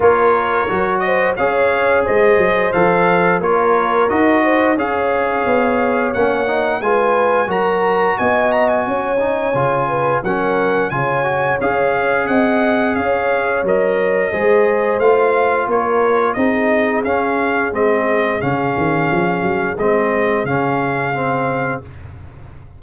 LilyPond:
<<
  \new Staff \with { instrumentName = "trumpet" } { \time 4/4 \tempo 4 = 88 cis''4. dis''8 f''4 dis''4 | f''4 cis''4 dis''4 f''4~ | f''4 fis''4 gis''4 ais''4 | gis''8 ais''16 gis''2~ gis''16 fis''4 |
gis''4 f''4 fis''4 f''4 | dis''2 f''4 cis''4 | dis''4 f''4 dis''4 f''4~ | f''4 dis''4 f''2 | }
  \new Staff \with { instrumentName = "horn" } { \time 4/4 ais'4. c''8 cis''4 c''4~ | c''4 ais'4. c''8 cis''4~ | cis''2 b'4 ais'4 | dis''4 cis''4. b'8 ais'4 |
cis''2 dis''4 cis''4~ | cis''4 c''2 ais'4 | gis'1~ | gis'1 | }
  \new Staff \with { instrumentName = "trombone" } { \time 4/4 f'4 fis'4 gis'2 | a'4 f'4 fis'4 gis'4~ | gis'4 cis'8 dis'8 f'4 fis'4~ | fis'4. dis'8 f'4 cis'4 |
f'8 fis'8 gis'2. | ais'4 gis'4 f'2 | dis'4 cis'4 c'4 cis'4~ | cis'4 c'4 cis'4 c'4 | }
  \new Staff \with { instrumentName = "tuba" } { \time 4/4 ais4 fis4 cis'4 gis8 fis8 | f4 ais4 dis'4 cis'4 | b4 ais4 gis4 fis4 | b4 cis'4 cis4 fis4 |
cis4 cis'4 c'4 cis'4 | fis4 gis4 a4 ais4 | c'4 cis'4 gis4 cis8 dis8 | f8 fis8 gis4 cis2 | }
>>